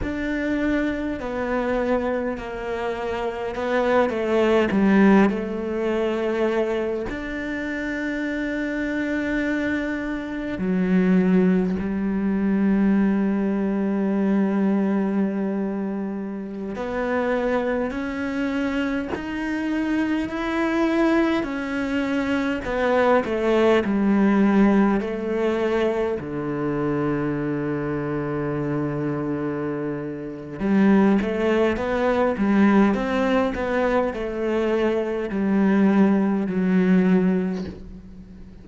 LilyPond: \new Staff \with { instrumentName = "cello" } { \time 4/4 \tempo 4 = 51 d'4 b4 ais4 b8 a8 | g8 a4. d'2~ | d'4 fis4 g2~ | g2~ g16 b4 cis'8.~ |
cis'16 dis'4 e'4 cis'4 b8 a16~ | a16 g4 a4 d4.~ d16~ | d2 g8 a8 b8 g8 | c'8 b8 a4 g4 fis4 | }